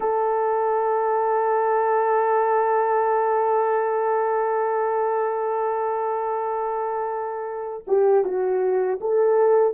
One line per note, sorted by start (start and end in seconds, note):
0.00 7.84 A4
7.87 8.24 G4
8.24 8.99 F#4
9.00 9.73 A4